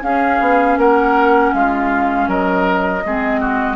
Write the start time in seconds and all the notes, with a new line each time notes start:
0.00 C#4 G#4 F5
0.40 B3
0.77 A#3 A#4 F#5
1.53 G#3 F4 F5
2.27 F#3 A#4 D#5
3.05 G#3 C4 G#4
3.40 F#4